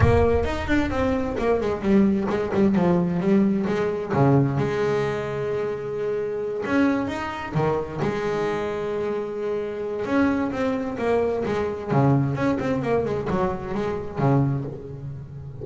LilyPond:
\new Staff \with { instrumentName = "double bass" } { \time 4/4 \tempo 4 = 131 ais4 dis'8 d'8 c'4 ais8 gis8 | g4 gis8 g8 f4 g4 | gis4 cis4 gis2~ | gis2~ gis8 cis'4 dis'8~ |
dis'8 dis4 gis2~ gis8~ | gis2 cis'4 c'4 | ais4 gis4 cis4 cis'8 c'8 | ais8 gis8 fis4 gis4 cis4 | }